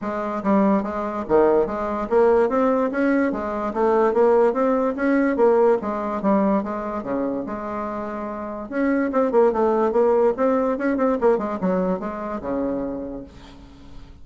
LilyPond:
\new Staff \with { instrumentName = "bassoon" } { \time 4/4 \tempo 4 = 145 gis4 g4 gis4 dis4 | gis4 ais4 c'4 cis'4 | gis4 a4 ais4 c'4 | cis'4 ais4 gis4 g4 |
gis4 cis4 gis2~ | gis4 cis'4 c'8 ais8 a4 | ais4 c'4 cis'8 c'8 ais8 gis8 | fis4 gis4 cis2 | }